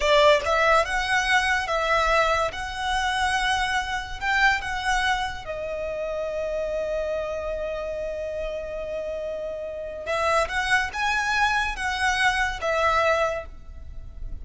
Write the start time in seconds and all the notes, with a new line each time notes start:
0.00 D5
0.45 E5
0.85 F#5
1.67 E5
2.52 F#5
4.20 G5
4.61 F#5
5.45 D#5
10.06 E5
10.48 F#5
10.93 G#5
11.76 F#5
12.61 E5